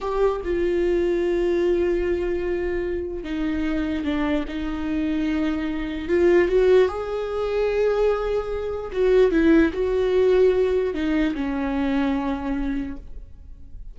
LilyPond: \new Staff \with { instrumentName = "viola" } { \time 4/4 \tempo 4 = 148 g'4 f'2.~ | f'1 | dis'2 d'4 dis'4~ | dis'2. f'4 |
fis'4 gis'2.~ | gis'2 fis'4 e'4 | fis'2. dis'4 | cis'1 | }